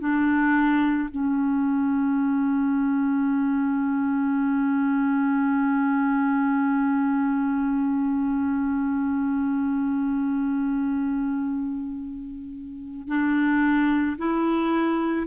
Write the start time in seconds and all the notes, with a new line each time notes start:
0.00 D4
1.11 C#4
13.08 D4
14.18 E4